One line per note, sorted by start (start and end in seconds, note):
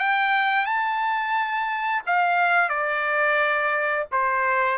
0.00 0.66 G5
0.66 2.02 A5
2.06 2.69 F5
2.69 4.06 D5
4.12 4.79 C5